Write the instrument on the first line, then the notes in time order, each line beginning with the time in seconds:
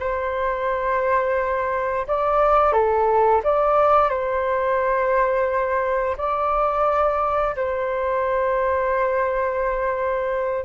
flute
0.00 C5
2.08 D5
2.73 A4
3.44 D5
4.10 C5
6.18 D5
7.56 C5